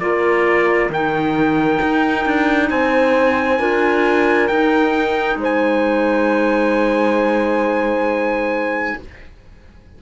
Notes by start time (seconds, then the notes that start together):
0.00 A#3 F4 A#4 D5
0.89 D#3 D#4 G5
1.82 D#4
2.25 D4
2.70 C4 C5 G#5
3.59 D4 F4 A#4
4.48 D#4 G5
5.36 G#3 C5
5.43 G#5